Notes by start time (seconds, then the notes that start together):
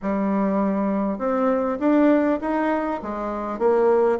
0.02 G3
1.18 C4
1.79 D4
2.41 D#4
3.02 G#3
3.58 A#3